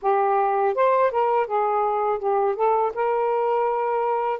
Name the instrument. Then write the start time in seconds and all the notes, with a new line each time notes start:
saxophone
0.02 G4
0.75 C5
1.11 A#4
1.46 G#4
2.19 G4
2.55 A4
2.94 A#4